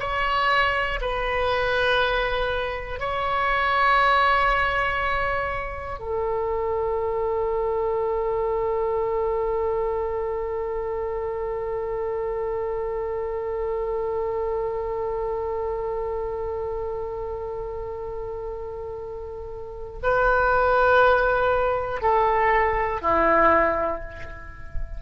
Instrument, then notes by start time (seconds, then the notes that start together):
oboe
0.00 C#5
1.01 B4
3.00 C#5
6.00 A4
20.03 B4
22.02 A4
23.02 E4